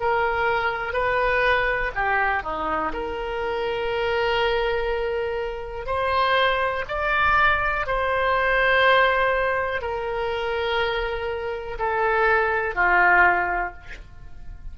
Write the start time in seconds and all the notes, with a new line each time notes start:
0.00 A#4
0.93 B4
1.94 G4
2.43 D#4
2.93 A#4
5.86 C5
6.88 D5
7.86 C5
9.81 A#4
11.79 A4
12.75 F4